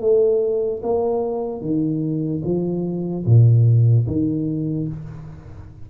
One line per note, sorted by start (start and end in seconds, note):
0.00 0.81 A3
0.82 1.61 A#3
1.61 2.42 D#3
2.44 3.25 F3
3.25 4.07 A#2
4.07 4.88 D#3